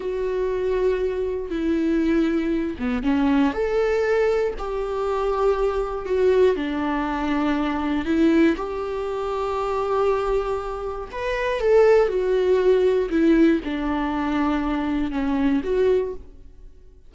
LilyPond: \new Staff \with { instrumentName = "viola" } { \time 4/4 \tempo 4 = 119 fis'2. e'4~ | e'4. b8 cis'4 a'4~ | a'4 g'2. | fis'4 d'2. |
e'4 g'2.~ | g'2 b'4 a'4 | fis'2 e'4 d'4~ | d'2 cis'4 fis'4 | }